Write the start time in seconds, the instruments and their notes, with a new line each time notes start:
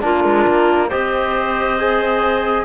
0.00 cello A#3, trombone D4, clarinet F4, flute A#4
0.24 cello G#3
0.47 cello A#3
0.87 cello C4, trombone G4, clarinet C5, flute D#5
1.79 trombone G#4